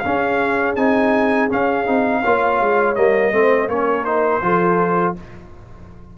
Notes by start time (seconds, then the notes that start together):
0.00 C#4 G#4 F5
0.76 C4 D#4 G#5
1.50 C#4 F5
1.87 C4 D#4
2.21 A#3 F4 C#5
2.61 G#3
2.96 G3 A#3 D#5
3.32 A3 C4 C5
3.69 A#3 C#4 A#4 C#5
4.05 D#4 C5
4.42 F3 F4 A4